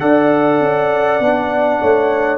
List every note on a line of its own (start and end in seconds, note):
0.00 0.60 D4
0.00 1.21 A4
0.00 1.81 D5
0.00 2.38 F#5
0.60 1.20 C#4
1.20 1.80 B3
1.20 2.38 D4
1.81 2.38 A3
1.81 2.38 C#5